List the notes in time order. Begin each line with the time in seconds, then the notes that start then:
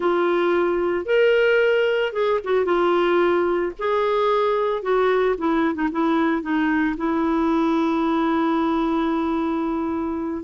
0.00 F4
1.05 A#4
2.13 G#4
2.44 F#4
2.65 F4
3.78 G#4
4.82 F#4
5.38 E4
5.75 D#4
5.92 E4
6.42 D#4
6.97 E4